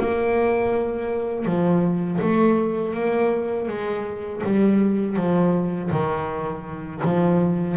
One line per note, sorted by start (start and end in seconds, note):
0.00 1.46 A#3
1.46 2.20 F3
2.22 2.94 A3
2.94 3.68 A#3
3.68 4.42 G#3
4.44 5.17 G3
5.17 5.91 F3
5.91 7.02 D#3
7.05 7.77 F3